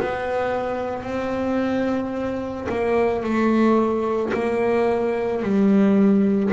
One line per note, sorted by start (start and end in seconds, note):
0.00 1.04 B3
1.04 2.68 C4
2.69 3.24 A#3
3.24 4.33 A3
4.34 5.43 A#3
5.43 6.52 G3